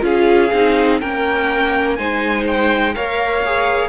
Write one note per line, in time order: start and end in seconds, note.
0.00 0.51 C#4
0.00 0.48 F4
0.00 1.00 G#4
0.00 1.00 F5
0.53 1.01 C4
0.53 1.01 D#4
1.00 1.98 A#3
1.00 1.98 C#4
1.00 1.97 A#4
1.00 1.95 G5
1.95 2.95 G#3
1.95 2.95 D#4
1.95 2.95 C5
1.95 2.44 G#5
2.47 2.95 G5
2.95 3.88 A#3
2.95 3.43 A#4
2.95 3.88 C#5
2.95 3.88 F5
3.44 3.88 G#4